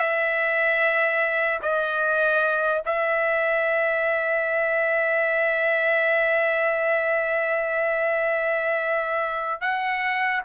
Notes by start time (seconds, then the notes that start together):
0.00 E5
1.63 D#5
2.86 E5
9.62 F#5